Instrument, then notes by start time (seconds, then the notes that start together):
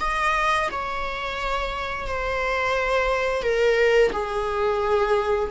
viola
0.00 D#5
0.71 C#5
2.07 C5
3.42 A#4
4.12 G#4